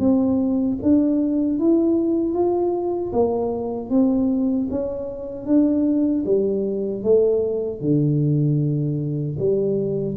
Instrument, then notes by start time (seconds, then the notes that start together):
tuba
0.00 C4
0.83 D4
1.60 E4
2.34 F4
3.13 A#3
3.91 C4
4.71 C#4
5.47 D4
6.26 G3
7.03 A3
7.81 D3
9.39 G3